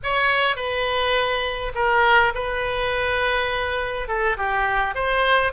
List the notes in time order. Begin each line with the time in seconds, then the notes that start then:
0.03 C#5
0.55 B4
1.74 A#4
2.34 B4
4.08 A4
4.37 G4
4.95 C5